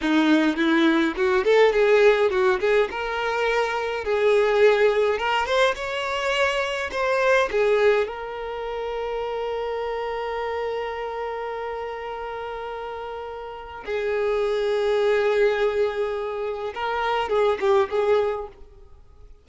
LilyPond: \new Staff \with { instrumentName = "violin" } { \time 4/4 \tempo 4 = 104 dis'4 e'4 fis'8 a'8 gis'4 | fis'8 gis'8 ais'2 gis'4~ | gis'4 ais'8 c''8 cis''2 | c''4 gis'4 ais'2~ |
ais'1~ | ais'1 | gis'1~ | gis'4 ais'4 gis'8 g'8 gis'4 | }